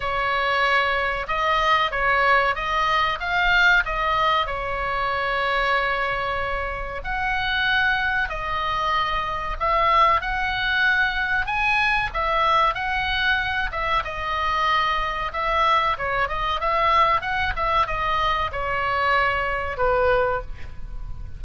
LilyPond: \new Staff \with { instrumentName = "oboe" } { \time 4/4 \tempo 4 = 94 cis''2 dis''4 cis''4 | dis''4 f''4 dis''4 cis''4~ | cis''2. fis''4~ | fis''4 dis''2 e''4 |
fis''2 gis''4 e''4 | fis''4. e''8 dis''2 | e''4 cis''8 dis''8 e''4 fis''8 e''8 | dis''4 cis''2 b'4 | }